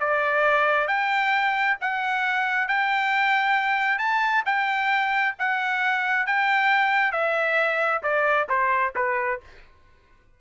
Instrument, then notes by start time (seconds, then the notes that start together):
trumpet
0.00 D5
0.87 G5
1.81 F#5
2.68 G5
3.98 A5
4.46 G5
5.39 F#5
6.26 G5
7.12 E5
8.03 D5
8.49 C5
8.95 B4